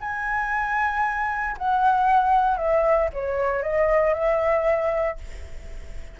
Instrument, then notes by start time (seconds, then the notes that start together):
flute
0.00 G#5
1.58 F#5
2.57 E5
3.13 C#5
3.62 D#5
4.14 E5